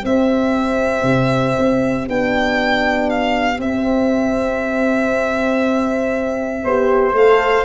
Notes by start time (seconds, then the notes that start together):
0.00 C4 G4 E5
1.03 C3
1.58 C4
2.08 B3 D4 G5
3.10 F5
3.58 C4 E5
6.64 B3 G4 C5
7.13 A3 A4 F5